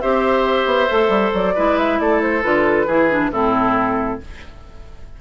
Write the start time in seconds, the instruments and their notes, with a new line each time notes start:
0.00 bassoon C4, clarinet G4, oboe C5, flute E5
0.65 bassoon B3
0.89 bassoon A3, clarinet A4
1.09 bassoon G3
1.33 bassoon F#3, flute D5
1.55 bassoon G#3, clarinet E4, oboe B4
1.78 flute E5
1.99 bassoon A3, oboe A4, flute D5
2.22 flute C5
2.42 bassoon D3, clarinet F4, flute B4
2.86 bassoon E3, clarinet E4, oboe G#4
3.10 clarinet D4
3.31 bassoon A2, clarinet C4, oboe E4, flute A4